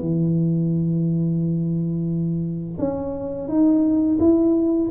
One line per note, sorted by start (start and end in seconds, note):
0.00 2.78 E3
2.78 3.48 C#4
3.48 4.18 D#4
4.20 4.89 E4